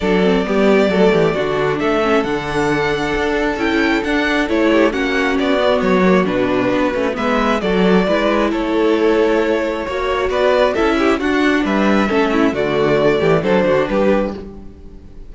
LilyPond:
<<
  \new Staff \with { instrumentName = "violin" } { \time 4/4 \tempo 4 = 134 d''1 | e''4 fis''2. | g''4 fis''4 cis''4 fis''4 | d''4 cis''4 b'2 |
e''4 d''2 cis''4~ | cis''2. d''4 | e''4 fis''4 e''2 | d''2 c''4 b'4 | }
  \new Staff \with { instrumentName = "violin" } { \time 4/4 a'4 g'4 a'8 g'8 fis'4 | a'1~ | a'2~ a'8 g'8 fis'4~ | fis'1 |
b'4 a'4 b'4 a'4~ | a'2 cis''4 b'4 | a'8 g'8 fis'4 b'4 a'8 e'8 | fis'4. g'8 a'8 fis'8 g'4 | }
  \new Staff \with { instrumentName = "viola" } { \time 4/4 d'8 c'8 b4 a4 d'4~ | d'8 cis'8 d'2. | e'4 d'4 e'4 cis'4~ | cis'8 b4 ais8 d'4. cis'8 |
b4 fis'4 e'2~ | e'2 fis'2 | e'4 d'2 cis'4 | a2 d'2 | }
  \new Staff \with { instrumentName = "cello" } { \time 4/4 fis4 g4 fis8 e8 d4 | a4 d2 d'4 | cis'4 d'4 a4 ais4 | b4 fis4 b,4 b8 a8 |
gis4 fis4 gis4 a4~ | a2 ais4 b4 | cis'4 d'4 g4 a4 | d4. e8 fis8 d8 g4 | }
>>